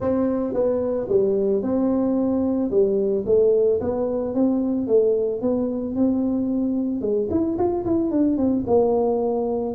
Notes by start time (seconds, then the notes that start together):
0.00 C4
0.53 B3
1.08 G3
1.62 C4
2.70 G3
3.26 A3
3.80 B3
4.34 C4
4.87 A3
5.41 B3
5.95 C4
7.01 G#3
7.30 E4
7.57 F4
7.85 E4
8.10 D4
8.37 C4
8.66 A#3